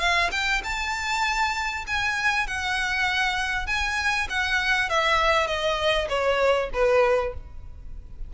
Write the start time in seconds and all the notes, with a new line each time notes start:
0.00 F5
0.32 G5
0.64 A5
1.87 G#5
2.47 F#5
3.67 G#5
4.29 F#5
4.90 E5
5.47 D#5
6.09 C#5
6.73 B4